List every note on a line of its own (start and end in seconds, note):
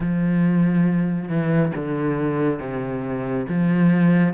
0.00 1.28 F3
1.28 1.72 E3
1.75 2.59 D3
2.59 3.46 C3
3.48 4.33 F3